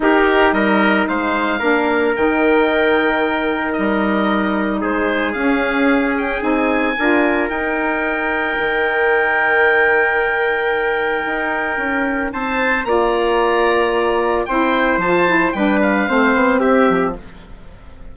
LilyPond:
<<
  \new Staff \with { instrumentName = "oboe" } { \time 4/4 \tempo 4 = 112 ais'4 dis''4 f''2 | g''2. dis''4~ | dis''4 c''4 f''4. g''8 | gis''2 g''2~ |
g''1~ | g''2. a''4 | ais''2. g''4 | a''4 g''8 f''4. e''4 | }
  \new Staff \with { instrumentName = "trumpet" } { \time 4/4 g'4 ais'4 c''4 ais'4~ | ais'1~ | ais'4 gis'2.~ | gis'4 ais'2.~ |
ais'1~ | ais'2. c''4 | d''2. c''4~ | c''4 b'4 c''4 g'4 | }
  \new Staff \with { instrumentName = "saxophone" } { \time 4/4 dis'2. d'4 | dis'1~ | dis'2 cis'2 | dis'4 f'4 dis'2~ |
dis'1~ | dis'1 | f'2. e'4 | f'8 e'8 d'4 c'2 | }
  \new Staff \with { instrumentName = "bassoon" } { \time 4/4 dis'4 g4 gis4 ais4 | dis2. g4~ | g4 gis4 cis'2 | c'4 d'4 dis'2 |
dis1~ | dis4 dis'4 cis'4 c'4 | ais2. c'4 | f4 g4 a8 b8 c'8 f8 | }
>>